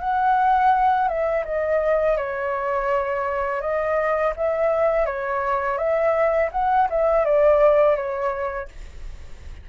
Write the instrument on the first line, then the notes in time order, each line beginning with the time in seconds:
flute
0.00 F#5
1.08 E5
1.45 D#5
2.17 C#5
3.61 D#5
4.36 E5
5.06 C#5
5.78 E5
6.52 F#5
6.90 E5
7.25 D5
7.96 C#5